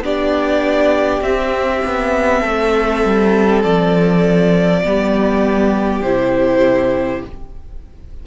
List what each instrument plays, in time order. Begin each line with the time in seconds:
0.00 cello B3, viola D4, violin G4 D5
1.21 cello C4, viola C4, violin E5
1.85 cello B3
2.41 cello A3, violin A4
3.05 cello G3
3.63 cello F3, violin D5
4.84 cello G3, viola B3, violin G4
6.02 cello C3, viola E4, violin C5